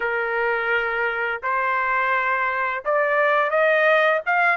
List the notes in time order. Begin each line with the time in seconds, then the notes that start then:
0.00 A#4
1.42 C5
2.85 D5
3.50 D#5
4.25 F5